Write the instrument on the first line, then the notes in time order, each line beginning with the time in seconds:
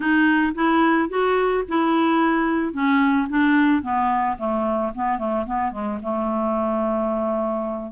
clarinet
0.00 D#4
0.55 E4
1.09 F#4
1.68 E4
2.73 C#4
3.29 D4
3.82 B3
4.38 A3
4.95 B3
5.18 A3
5.45 B3
5.71 G#3
6.02 A3